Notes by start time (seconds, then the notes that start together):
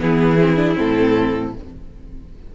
0.00 E3 B3 E4 G#4
0.41 C4
0.57 D4
0.75 A2 C4 A4